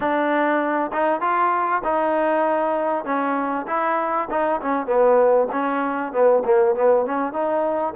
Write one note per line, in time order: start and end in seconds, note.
0.00 0.91 D4
0.92 1.21 D#4
1.21 1.82 F4
1.84 3.04 D#4
3.04 3.65 C#4
3.67 4.28 E4
4.30 4.61 D#4
4.61 4.86 C#4
4.86 5.47 B3
5.52 6.12 C#4
6.12 6.43 B3
6.44 6.75 A#3
6.75 7.05 B3
7.05 7.32 C#4
7.32 7.93 D#4